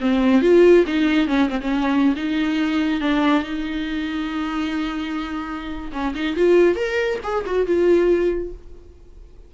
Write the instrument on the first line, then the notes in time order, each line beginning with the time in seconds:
viola
0.00 C4
0.41 F4
0.86 D#4
1.27 C#4
1.49 C4
1.60 C#4
2.16 D#4
3.00 D4
3.43 D#4
5.92 C#4
6.15 D#4
6.36 F4
6.75 A#4
7.23 G#4
7.46 F#4
7.66 F4